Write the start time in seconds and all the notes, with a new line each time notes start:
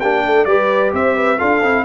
0.00 A#3 D4 G4 G5
0.26 A3 A4
0.45 G3 G4 B4 D5
0.93 C4 C5 E5
1.16 B4
1.38 D4 F4 A4 F5
1.63 C4 E4